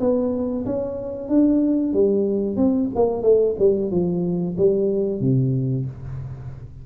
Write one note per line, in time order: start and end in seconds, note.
0.00 0.65 B3
0.66 1.29 C#4
1.29 1.93 D4
1.93 2.56 G3
2.56 2.89 C4
2.95 3.23 A#3
3.23 3.55 A3
3.59 3.91 G3
3.91 4.56 F3
4.57 5.20 G3
5.20 5.85 C3